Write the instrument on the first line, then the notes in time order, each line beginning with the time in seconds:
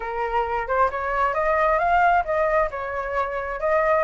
flute
0.00 A#4
0.67 C5
0.91 C#5
1.34 D#5
1.78 F5
2.24 D#5
2.70 C#5
3.60 D#5